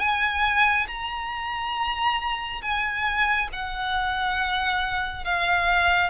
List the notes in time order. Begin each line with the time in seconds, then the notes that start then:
0.00 G#5
0.88 A#5
2.62 G#5
3.53 F#5
5.25 F5